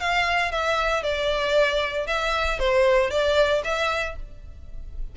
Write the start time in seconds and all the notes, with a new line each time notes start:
0.00 F5
0.52 E5
1.03 D5
2.07 E5
2.59 C5
3.10 D5
3.64 E5